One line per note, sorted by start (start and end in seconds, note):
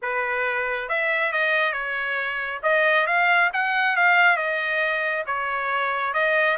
0.02 0.89 B4
0.89 1.32 E5
1.32 1.72 D#5
1.72 2.60 C#5
2.63 3.06 D#5
3.06 3.50 F5
3.53 3.96 F#5
3.96 4.37 F5
4.37 5.24 D#5
5.26 6.13 C#5
6.13 6.57 D#5